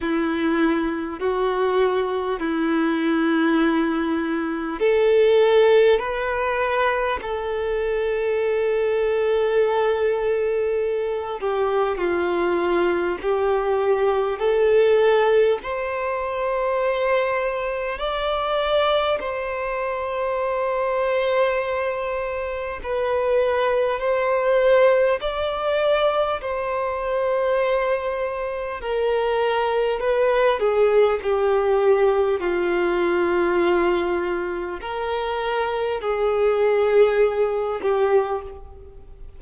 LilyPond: \new Staff \with { instrumentName = "violin" } { \time 4/4 \tempo 4 = 50 e'4 fis'4 e'2 | a'4 b'4 a'2~ | a'4. g'8 f'4 g'4 | a'4 c''2 d''4 |
c''2. b'4 | c''4 d''4 c''2 | ais'4 b'8 gis'8 g'4 f'4~ | f'4 ais'4 gis'4. g'8 | }